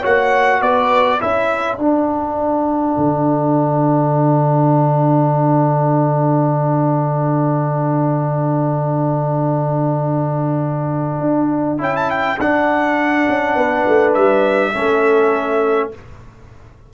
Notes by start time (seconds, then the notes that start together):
0.00 A#3 F#4 C#5 F#5
0.61 B3 B4 D5
1.19 C#4 E4 A4 E5
1.77 D4 F#5
2.98 D3
11.20 D4
11.79 C#4 E4 G5
11.97 A5
12.10 G5
12.39 D4 F#5
13.29 C#4
13.55 B3 B4
13.88 A3
14.14 G3 E5
14.74 A3 C#4 A4